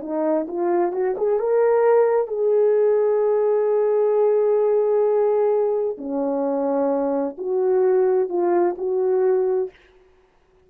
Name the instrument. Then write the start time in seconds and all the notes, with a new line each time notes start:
horn
0.00 D#4
0.47 F4
0.92 F#4
1.17 G#4
1.39 A#4
2.27 G#4
5.97 C#4
7.38 F#4
8.29 F4
8.77 F#4